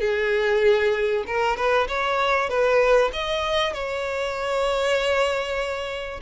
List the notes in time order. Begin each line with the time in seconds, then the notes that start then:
0.00 G#4
1.26 A#4
1.56 B4
1.88 C#5
2.49 B4
3.12 D#5
3.73 C#5